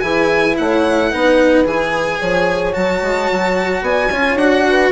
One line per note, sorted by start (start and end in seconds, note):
0.00 0.57 E3
0.00 1.11 E4
0.00 0.56 G#4
0.00 0.55 G#5
0.58 1.13 A3
0.58 1.11 C#5
0.58 1.67 F#5
1.11 1.65 B3
1.11 1.65 D#4
1.11 2.20 B4
1.65 2.19 E3
1.65 2.73 G#4
1.65 2.74 G#5
2.20 2.75 F3
2.20 3.83 C#5
2.73 3.02 F#3
2.73 4.10 F#4
2.73 3.83 A5
3.02 3.29 G#3
3.31 3.81 F#3
3.81 4.09 B3
3.81 4.11 D5
3.81 4.38 G#5
4.11 4.36 C#4
4.11 4.39 F4
4.11 4.65 C#5
4.36 4.90 D4
4.36 4.92 F#4
4.36 4.92 F#5
4.70 4.92 B4